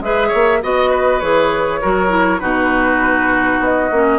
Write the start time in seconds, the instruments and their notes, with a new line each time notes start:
0.00 bassoon G#3, clarinet G#4, oboe B4, flute E5
0.28 oboe C#5
0.34 bassoon A#3
0.62 bassoon B3, clarinet F#4, oboe D#5, flute D#5
0.90 oboe B4
1.20 bassoon E3, clarinet G#4, flute C#5
1.81 bassoon F#3, clarinet F#4, oboe A#4
2.09 clarinet E4
2.39 bassoon B2, clarinet D#4, oboe F#4, flute B4
3.59 bassoon B3, flute D#5
3.91 bassoon A#3, clarinet C#4